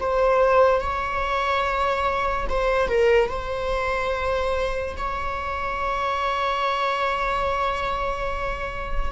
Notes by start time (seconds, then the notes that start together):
0.00 C5
0.81 C#5
2.49 C5
2.88 A#4
3.30 C5
4.97 C#5